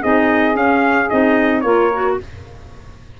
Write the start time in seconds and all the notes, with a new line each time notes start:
0.00 C4 D#4 G#4 D#5
0.54 C#4 F5
1.09 C4 D#4 D#5
1.60 A#3 F4 A#4 C#5
1.93 F#4